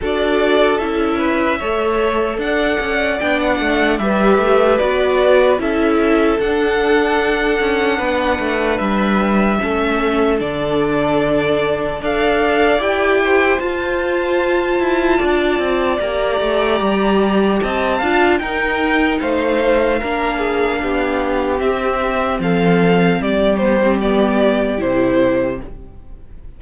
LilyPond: <<
  \new Staff \with { instrumentName = "violin" } { \time 4/4 \tempo 4 = 75 d''4 e''2 fis''4 | g''16 fis''8. e''4 d''4 e''4 | fis''2. e''4~ | e''4 d''2 f''4 |
g''4 a''2. | ais''2 a''4 g''4 | f''2. e''4 | f''4 d''8 c''8 d''4 c''4 | }
  \new Staff \with { instrumentName = "violin" } { \time 4/4 a'4. b'8 cis''4 d''4~ | d''4 b'2 a'4~ | a'2 b'2 | a'2. d''4~ |
d''8 c''2~ c''8 d''4~ | d''2 dis''8 f''8 ais'4 | c''4 ais'8 gis'8 g'2 | a'4 g'2. | }
  \new Staff \with { instrumentName = "viola" } { \time 4/4 fis'4 e'4 a'2 | d'4 g'4 fis'4 e'4 | d'1 | cis'4 d'2 a'4 |
g'4 f'2. | g'2~ g'8 f'8 dis'4~ | dis'4 d'2 c'4~ | c'4. b16 c'16 b4 e'4 | }
  \new Staff \with { instrumentName = "cello" } { \time 4/4 d'4 cis'4 a4 d'8 cis'8 | b8 a8 g8 a8 b4 cis'4 | d'4. cis'8 b8 a8 g4 | a4 d2 d'4 |
e'4 f'4. e'8 d'8 c'8 | ais8 a8 g4 c'8 d'8 dis'4 | a4 ais4 b4 c'4 | f4 g2 c4 | }
>>